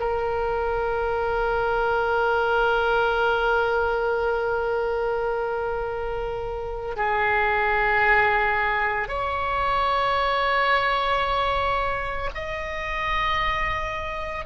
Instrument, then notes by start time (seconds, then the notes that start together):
oboe
0.00 A#4
6.96 G#4
9.09 C#5
12.35 D#5